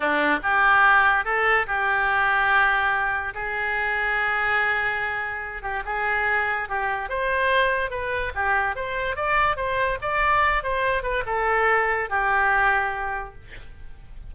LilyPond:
\new Staff \with { instrumentName = "oboe" } { \time 4/4 \tempo 4 = 144 d'4 g'2 a'4 | g'1 | gis'1~ | gis'4. g'8 gis'2 |
g'4 c''2 b'4 | g'4 c''4 d''4 c''4 | d''4. c''4 b'8 a'4~ | a'4 g'2. | }